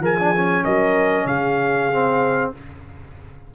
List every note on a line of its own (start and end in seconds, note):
0.00 0.62 F3
0.00 0.64 G#4
0.00 0.17 A#4
0.00 0.64 G#5
0.19 0.35 D4
0.36 1.92 C#4
0.64 1.25 F#3
0.64 1.26 A#4
0.64 1.26 D#5
1.25 2.50 C#3
1.25 2.51 G#4
1.25 2.51 F5
1.92 2.54 C4